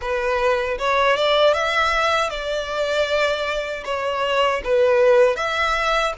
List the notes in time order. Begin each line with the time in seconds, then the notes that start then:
0.01 B4
0.78 C#5
1.16 D5
1.53 E5
2.30 D5
3.84 C#5
4.64 B4
5.36 E5